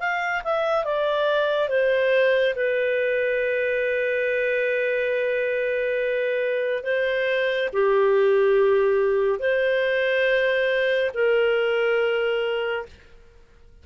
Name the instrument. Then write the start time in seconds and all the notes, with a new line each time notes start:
clarinet
0.00 F5
0.44 E5
0.85 D5
1.69 C5
2.56 B4
6.84 C5
7.73 G4
9.40 C5
11.15 A#4